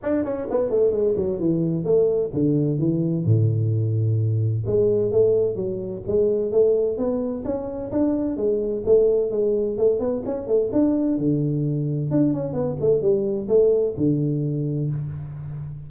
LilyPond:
\new Staff \with { instrumentName = "tuba" } { \time 4/4 \tempo 4 = 129 d'8 cis'8 b8 a8 gis8 fis8 e4 | a4 d4 e4 a,4~ | a,2 gis4 a4 | fis4 gis4 a4 b4 |
cis'4 d'4 gis4 a4 | gis4 a8 b8 cis'8 a8 d'4 | d2 d'8 cis'8 b8 a8 | g4 a4 d2 | }